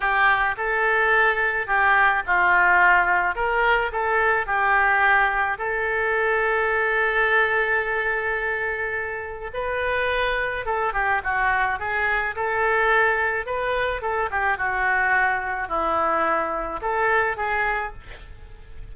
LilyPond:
\new Staff \with { instrumentName = "oboe" } { \time 4/4 \tempo 4 = 107 g'4 a'2 g'4 | f'2 ais'4 a'4 | g'2 a'2~ | a'1~ |
a'4 b'2 a'8 g'8 | fis'4 gis'4 a'2 | b'4 a'8 g'8 fis'2 | e'2 a'4 gis'4 | }